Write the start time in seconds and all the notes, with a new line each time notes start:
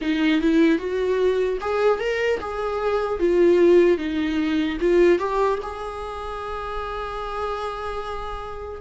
0.01 D#4
0.41 E4
0.78 F#4
1.60 G#4
1.99 A#4
2.40 G#4
3.19 F4
3.97 D#4
4.80 F4
5.18 G4
5.62 G#4